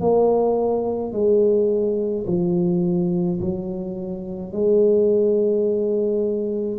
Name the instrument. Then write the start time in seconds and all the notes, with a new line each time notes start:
tuba
0.00 A#3
1.12 G#3
2.26 F3
3.40 F#3
4.52 G#3